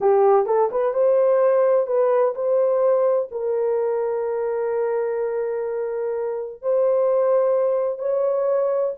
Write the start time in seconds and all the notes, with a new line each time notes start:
0.00 G4
0.46 A4
0.71 B4
0.93 C5
1.86 B4
2.35 C5
3.31 A#4
6.61 C5
7.98 C#5